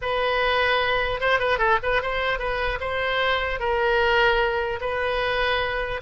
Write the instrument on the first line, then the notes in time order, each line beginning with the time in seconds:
oboe
0.01 B4
1.20 C5
1.39 B4
1.58 A4
1.83 B4
2.02 C5
2.38 B4
2.80 C5
3.59 A#4
4.81 B4